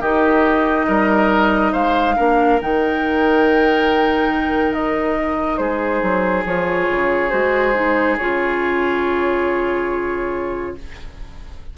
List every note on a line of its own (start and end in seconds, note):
0.00 0.86 D#3
0.00 2.16 D#4
0.00 0.86 G4
0.00 1.73 D#5
0.87 1.73 G3
0.87 1.72 A#4
1.72 2.17 G#3
1.72 2.15 C5
1.72 2.59 F5
2.16 2.61 A#3
2.16 2.59 D4
2.16 5.59 A#4
2.61 5.58 D#3
2.61 6.46 D#4
2.61 4.73 G5
4.73 5.57 D#5
5.57 6.01 G#3
5.57 10.74 G#4
5.57 6.43 C5
6.02 6.45 F#3
6.45 6.88 F3
6.45 7.30 F4
6.45 7.30 C#5
6.90 7.32 C#3
7.30 8.18 G#3
7.30 7.72 F#4
7.30 8.16 C5
7.74 8.17 D#4
8.18 10.76 C#3
8.18 10.77 F4
8.18 10.75 C#5